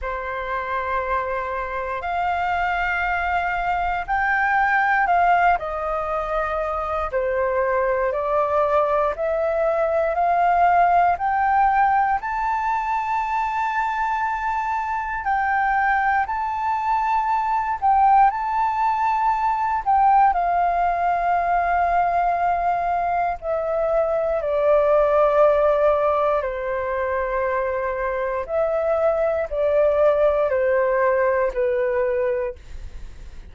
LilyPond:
\new Staff \with { instrumentName = "flute" } { \time 4/4 \tempo 4 = 59 c''2 f''2 | g''4 f''8 dis''4. c''4 | d''4 e''4 f''4 g''4 | a''2. g''4 |
a''4. g''8 a''4. g''8 | f''2. e''4 | d''2 c''2 | e''4 d''4 c''4 b'4 | }